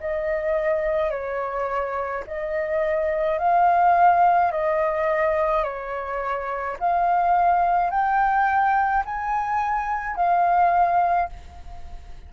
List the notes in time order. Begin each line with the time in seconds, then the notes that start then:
0.00 D#5
1.10 C#5
2.27 D#5
3.39 F5
4.52 D#5
5.63 C#5
6.80 F5
7.90 G5
9.05 G#5
10.16 F5